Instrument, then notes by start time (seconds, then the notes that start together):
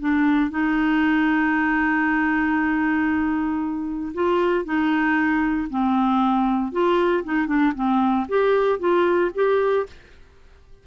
clarinet
0.00 D4
0.51 D#4
4.14 F4
4.65 D#4
5.71 C4
6.72 F4
7.25 D#4
7.47 D4
7.75 C4
8.29 G4
8.80 F4
9.35 G4